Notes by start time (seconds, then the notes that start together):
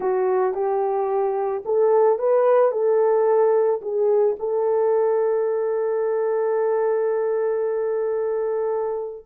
0.00 F#4
0.54 G4
1.65 A4
2.18 B4
2.71 A4
3.81 G#4
4.39 A4